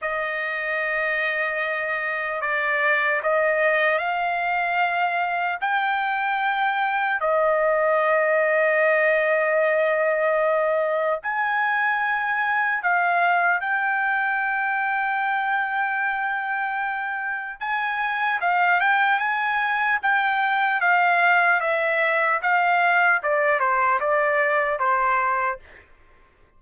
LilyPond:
\new Staff \with { instrumentName = "trumpet" } { \time 4/4 \tempo 4 = 75 dis''2. d''4 | dis''4 f''2 g''4~ | g''4 dis''2.~ | dis''2 gis''2 |
f''4 g''2.~ | g''2 gis''4 f''8 g''8 | gis''4 g''4 f''4 e''4 | f''4 d''8 c''8 d''4 c''4 | }